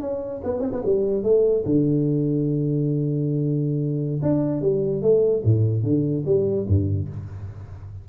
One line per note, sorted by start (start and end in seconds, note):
0.00 0.41 C#4
0.44 0.60 B3
0.60 0.70 C4
0.72 0.82 B3
0.85 1.23 G3
1.23 1.64 A3
1.65 4.20 D3
4.22 4.61 D4
4.61 5.01 G3
5.01 5.42 A3
5.44 5.83 A2
5.83 6.24 D3
6.25 6.66 G3
6.68 7.09 G2